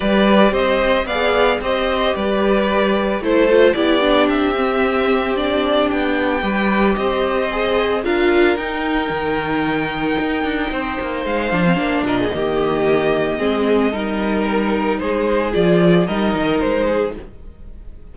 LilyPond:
<<
  \new Staff \with { instrumentName = "violin" } { \time 4/4 \tempo 4 = 112 d''4 dis''4 f''4 dis''4 | d''2 c''4 d''4 | e''2 d''4 g''4~ | g''4 dis''2 f''4 |
g''1~ | g''4 f''4. dis''4.~ | dis''2. ais'4 | c''4 d''4 dis''4 c''4 | }
  \new Staff \with { instrumentName = "violin" } { \time 4/4 b'4 c''4 d''4 c''4 | b'2 a'4 g'4~ | g'1 | b'4 c''2 ais'4~ |
ais'1 | c''2~ c''8 ais'16 gis'16 g'4~ | g'4 gis'4 ais'2 | gis'2 ais'4. gis'8 | }
  \new Staff \with { instrumentName = "viola" } { \time 4/4 g'2 gis'4 g'4~ | g'2 e'8 f'8 e'8 d'8~ | d'8 c'4. d'2 | g'2 gis'4 f'4 |
dis'1~ | dis'4. d'16 c'16 d'4 ais4~ | ais4 c'4 dis'2~ | dis'4 f'4 dis'2 | }
  \new Staff \with { instrumentName = "cello" } { \time 4/4 g4 c'4 b4 c'4 | g2 a4 b4 | c'2. b4 | g4 c'2 d'4 |
dis'4 dis2 dis'8 d'8 | c'8 ais8 gis8 f8 ais8 ais,8 dis4~ | dis4 gis4 g2 | gis4 f4 g8 dis8 gis4 | }
>>